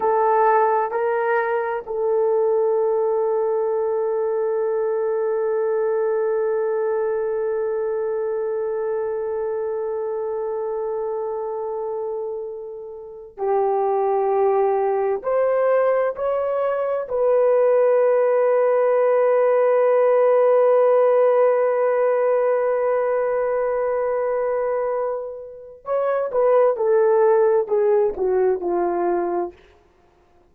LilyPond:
\new Staff \with { instrumentName = "horn" } { \time 4/4 \tempo 4 = 65 a'4 ais'4 a'2~ | a'1~ | a'1~ | a'2~ a'8 g'4.~ |
g'8 c''4 cis''4 b'4.~ | b'1~ | b'1 | cis''8 b'8 a'4 gis'8 fis'8 f'4 | }